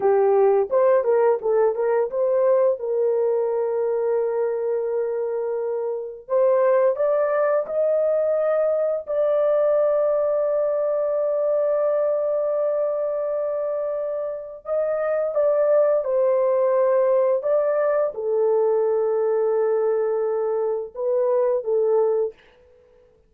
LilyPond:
\new Staff \with { instrumentName = "horn" } { \time 4/4 \tempo 4 = 86 g'4 c''8 ais'8 a'8 ais'8 c''4 | ais'1~ | ais'4 c''4 d''4 dis''4~ | dis''4 d''2.~ |
d''1~ | d''4 dis''4 d''4 c''4~ | c''4 d''4 a'2~ | a'2 b'4 a'4 | }